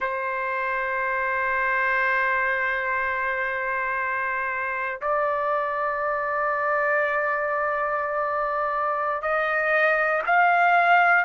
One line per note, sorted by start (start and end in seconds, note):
0.00 5.00 C5
5.00 9.22 D5
9.22 10.22 D#5
10.26 11.24 F5